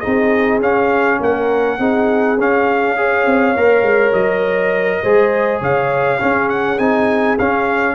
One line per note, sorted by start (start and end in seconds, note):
0.00 0.60 C4
0.00 0.61 D#4
0.00 1.18 G#4
0.00 0.59 D#5
0.60 1.19 C#4
0.60 1.79 C#4
0.60 1.21 F5
1.20 1.79 A#3
1.20 1.79 A#4
1.20 2.40 F#5
1.79 2.37 C4
1.79 2.38 D#4
1.79 2.97 G#4
2.37 3.26 C#4
2.37 2.96 C#4
2.37 4.13 F5
2.96 3.55 G#4
2.96 5.02 C#5
3.26 3.55 C4
3.56 3.82 A#3
3.56 5.04 A#4
3.82 4.12 G#3
4.13 5.01 F#3
4.13 5.60 D#5
5.02 5.61 G#3
5.02 6.19 G#4
5.02 5.60 C5
5.60 6.20 C#3
5.60 6.19 C#5
5.60 6.49 F5
6.19 6.78 C#4
6.19 7.95 G#4
6.49 6.78 F#5
6.78 7.37 C4
6.78 7.37 D#4
6.78 7.37 G#5
7.38 7.95 C#4
7.38 7.95 F5